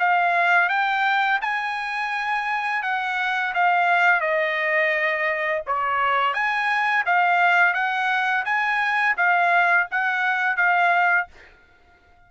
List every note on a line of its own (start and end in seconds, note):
0.00 0.70 F5
0.70 1.40 G5
1.42 2.83 G#5
2.83 3.54 F#5
3.55 4.21 F5
4.21 5.62 D#5
5.67 6.34 C#5
6.34 7.05 G#5
7.06 7.74 F5
7.74 8.45 F#5
8.46 9.16 G#5
9.17 9.88 F5
9.92 10.57 F#5
10.57 11.28 F5